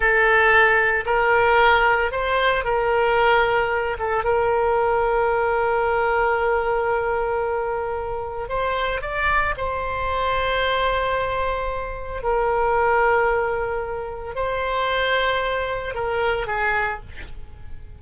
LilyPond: \new Staff \with { instrumentName = "oboe" } { \time 4/4 \tempo 4 = 113 a'2 ais'2 | c''4 ais'2~ ais'8 a'8 | ais'1~ | ais'1 |
c''4 d''4 c''2~ | c''2. ais'4~ | ais'2. c''4~ | c''2 ais'4 gis'4 | }